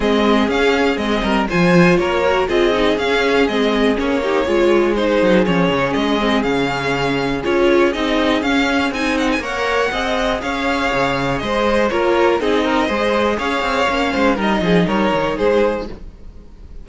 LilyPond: <<
  \new Staff \with { instrumentName = "violin" } { \time 4/4 \tempo 4 = 121 dis''4 f''4 dis''4 gis''4 | cis''4 dis''4 f''4 dis''4 | cis''2 c''4 cis''4 | dis''4 f''2 cis''4 |
dis''4 f''4 gis''8 fis''16 gis''16 fis''4~ | fis''4 f''2 dis''4 | cis''4 dis''2 f''4~ | f''4 dis''4 cis''4 c''4 | }
  \new Staff \with { instrumentName = "violin" } { \time 4/4 gis'2~ gis'8 ais'8 c''4 | ais'4 gis'2.~ | gis'8 g'8 gis'2.~ | gis'1~ |
gis'2. cis''4 | dis''4 cis''2 c''4 | ais'4 gis'8 ais'8 c''4 cis''4~ | cis''8 c''8 ais'8 gis'8 ais'4 gis'4 | }
  \new Staff \with { instrumentName = "viola" } { \time 4/4 c'4 cis'4 c'4 f'4~ | f'8 fis'8 f'8 dis'8 cis'4 c'4 | cis'8 dis'8 f'4 dis'4 cis'4~ | cis'8 c'8 cis'2 f'4 |
dis'4 cis'4 dis'4 ais'4 | gis'1 | f'4 dis'4 gis'2 | cis'4 dis'2. | }
  \new Staff \with { instrumentName = "cello" } { \time 4/4 gis4 cis'4 gis8 g8 f4 | ais4 c'4 cis'4 gis4 | ais4 gis4. fis8 f8 cis8 | gis4 cis2 cis'4 |
c'4 cis'4 c'4 ais4 | c'4 cis'4 cis4 gis4 | ais4 c'4 gis4 cis'8 c'8 | ais8 gis8 g8 f8 g8 dis8 gis4 | }
>>